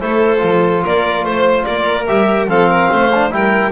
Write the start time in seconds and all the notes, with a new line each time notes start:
0.00 A3 E4 A4 C5
0.39 F3 F4
0.84 A#3 A#4 D5
1.24 A3 C5
1.64 A#3 A#4 D5
2.07 G3 G4 E5
2.47 F3 C4 A4 F5
2.70 A#4
2.92 A3 C5
3.15 D4
3.31 G3 E4 A#4 G5